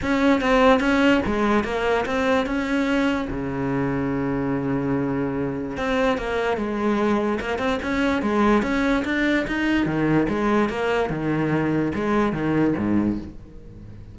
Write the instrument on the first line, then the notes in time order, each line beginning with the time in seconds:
cello
0.02 C#4
0.41 C4
0.80 C#4
1.26 G#3
1.64 A#3
2.05 C4
2.46 C#4
3.30 C#3
5.77 C4
6.17 A#3
6.57 G#3
7.40 A#3
7.58 C4
7.82 C#4
8.22 G#3
8.62 C#4
9.04 D4
9.47 D#4
9.86 D#3
10.29 G#3
10.69 A#3
11.09 D#3
11.94 G#3
12.32 D#3
12.77 G#2